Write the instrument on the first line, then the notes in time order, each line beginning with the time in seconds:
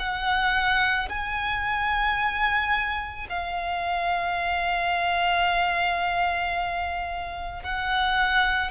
violin
0.00 F#5
1.09 G#5
3.30 F5
7.64 F#5